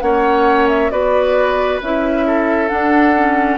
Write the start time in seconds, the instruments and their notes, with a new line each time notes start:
0.00 bassoon A#3, clarinet C#4, oboe C#5, flute F#5
0.68 flute E5
0.90 bassoon B3, clarinet F#4, oboe B4, flute D5
1.81 bassoon C#4, clarinet E4, flute E5
2.26 oboe A4
2.68 clarinet D4, bassoon D4, flute F#5
3.16 clarinet C#4